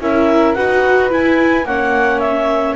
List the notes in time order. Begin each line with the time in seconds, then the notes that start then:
0.00 C#4 E4 A#4 E5
0.54 D#4 F#4 B4 F#5
1.10 E4 G#5
1.64 A#3 C#4 C#5 F#5
2.19 E5